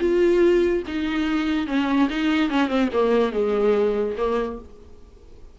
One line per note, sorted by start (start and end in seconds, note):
0.00 0.83 F4
0.87 1.67 D#4
1.67 2.09 C#4
2.10 2.50 D#4
2.50 2.69 C#4
2.69 2.90 C4
2.93 3.33 A#3
3.33 4.16 G#3
4.18 4.59 A#3